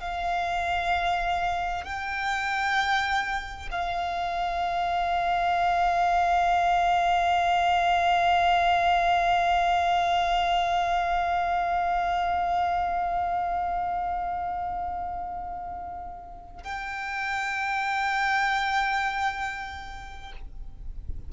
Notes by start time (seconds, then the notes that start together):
0.00 F5
1.84 G5
3.71 F5
16.64 G5